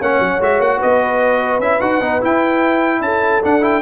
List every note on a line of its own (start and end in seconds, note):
0.00 0.20 A#3
0.00 0.42 C#4
0.00 0.79 C#5
0.00 0.43 F#5
0.20 0.40 F#3
0.41 0.60 G#3
0.41 1.62 F#4
0.41 0.61 E5
0.60 0.80 A#3
0.60 0.82 F#5
0.79 1.59 B3
0.79 3.01 B4
0.79 1.61 D#5
1.59 1.79 C#4
1.59 1.81 E4
1.59 1.81 E5
1.81 2.01 D#4
1.81 2.01 F#4
1.81 2.22 F#5
2.01 2.21 B3
2.01 2.21 D#4
2.21 3.42 E4
2.21 3.01 E4
2.21 3.02 G5
3.01 3.41 C#4
3.01 3.82 A4
3.01 3.42 A5
3.43 3.61 D4
3.43 3.82 D4
3.43 3.65 F#5
3.61 3.82 E4
3.61 3.82 G5